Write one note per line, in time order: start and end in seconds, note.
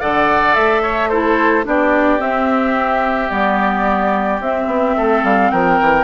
0.00 0.56 D3
0.00 1.10 A4
0.00 0.82 D5
0.00 0.54 F#5
0.54 1.66 A3
0.54 1.09 E5
0.82 1.09 C#5
1.09 1.64 E4
1.09 1.64 A4
1.09 1.64 C5
1.64 2.20 B3
1.64 2.18 D4
1.64 4.96 G4
1.64 2.21 D5
2.18 3.28 C4
2.18 3.30 C4
2.18 3.30 E5
3.29 4.40 G3
3.29 4.39 B3
3.29 4.40 D5
4.40 4.66 C4
4.40 6.04 C4
4.40 5.24 E5
4.66 4.94 B3
4.96 5.23 A3
4.96 5.51 A4
5.23 5.51 G3
5.23 5.51 F5
5.51 5.80 F3
5.51 6.04 A#4
5.51 6.04 G5
5.81 6.04 E3